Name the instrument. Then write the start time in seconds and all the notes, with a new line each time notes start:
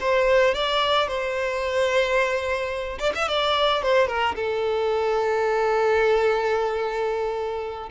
violin
0.00 C5
0.54 D5
1.07 C5
2.99 D5
3.15 E5
3.28 D5
3.82 C5
4.07 A#4
4.35 A4